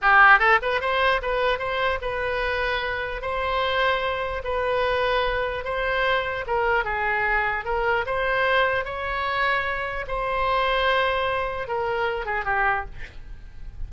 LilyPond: \new Staff \with { instrumentName = "oboe" } { \time 4/4 \tempo 4 = 149 g'4 a'8 b'8 c''4 b'4 | c''4 b'2. | c''2. b'4~ | b'2 c''2 |
ais'4 gis'2 ais'4 | c''2 cis''2~ | cis''4 c''2.~ | c''4 ais'4. gis'8 g'4 | }